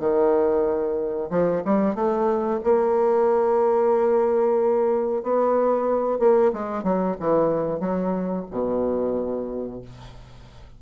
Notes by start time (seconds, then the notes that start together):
0.00 D#3
1.31 F3
1.65 G3
1.95 A3
2.64 A#3
5.24 B3
6.20 A#3
6.53 G#3
6.84 F#3
7.20 E3
7.81 F#3
8.51 B2